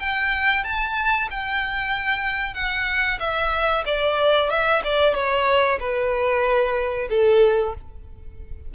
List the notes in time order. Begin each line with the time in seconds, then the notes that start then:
0.00 G5
0.64 A5
1.31 G5
2.55 F#5
3.20 E5
3.86 D5
4.50 E5
4.84 D5
5.15 C#5
5.80 B4
7.10 A4